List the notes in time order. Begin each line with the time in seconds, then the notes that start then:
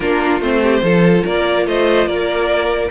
0.00 A#3 D4 F4 A#4
0.40 A3 C4 C5
0.62 G4
0.82 F3 F4 A4
1.24 A#3 A#4 D5
1.66 A3 C5 D#5
2.06 A#3 A#4 D5